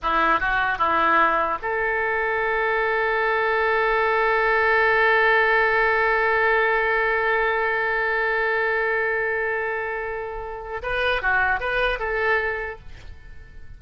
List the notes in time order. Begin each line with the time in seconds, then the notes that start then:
0.02 E4
0.39 F#4
0.78 E4
1.62 A4
10.82 B4
11.22 F#4
11.60 B4
11.99 A4